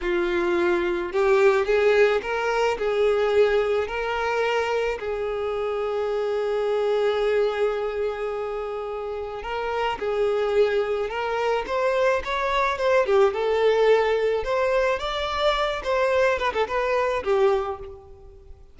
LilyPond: \new Staff \with { instrumentName = "violin" } { \time 4/4 \tempo 4 = 108 f'2 g'4 gis'4 | ais'4 gis'2 ais'4~ | ais'4 gis'2.~ | gis'1~ |
gis'4 ais'4 gis'2 | ais'4 c''4 cis''4 c''8 g'8 | a'2 c''4 d''4~ | d''8 c''4 b'16 a'16 b'4 g'4 | }